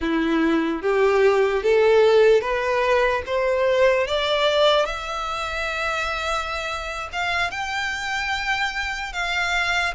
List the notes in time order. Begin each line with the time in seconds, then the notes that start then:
0.00 E4
0.82 G4
1.63 A4
2.41 B4
3.26 C5
4.07 D5
4.85 E5
7.12 F5
7.50 G5
9.12 F5